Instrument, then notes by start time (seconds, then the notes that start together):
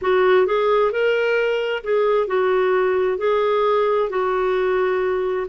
clarinet
0.01 F#4
0.46 G#4
0.91 A#4
1.83 G#4
2.27 F#4
3.17 G#4
4.09 F#4